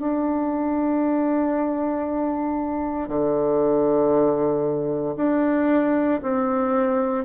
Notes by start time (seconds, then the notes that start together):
0.00 D4
3.08 D3
5.17 D4
6.23 C4